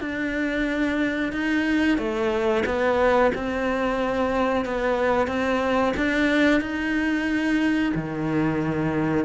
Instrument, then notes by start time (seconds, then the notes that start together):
cello
0.00 D4
1.32 D#4
1.98 A3
2.65 B3
3.34 C4
4.65 B3
5.27 C4
5.96 D4
6.61 D#4
7.95 D#3